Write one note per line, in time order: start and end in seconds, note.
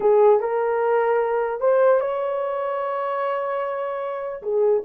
0.00 0.40 G#4
0.40 1.60 A#4
1.60 2.00 C5
2.00 4.42 C#5
4.42 4.82 G#4